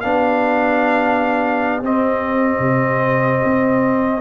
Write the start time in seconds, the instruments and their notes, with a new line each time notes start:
0.00 tuba B3, trombone D4, horn G4, trumpet F5
1.82 tuba C4, trombone C4, trumpet D#5
2.59 tuba C3
3.44 tuba C4